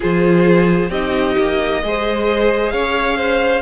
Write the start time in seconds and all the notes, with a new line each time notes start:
0.00 F3 F4 G#4 C5
0.89 C4 D#4 G4 D#5
1.38 A#3
1.83 G#3 G#4 C5
2.70 C#4 C#5 F5
3.16 C5